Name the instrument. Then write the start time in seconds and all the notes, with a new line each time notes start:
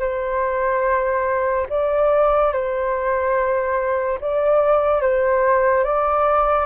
flute
0.00 C5
1.69 D5
2.53 C5
4.21 D5
5.02 C5
5.84 D5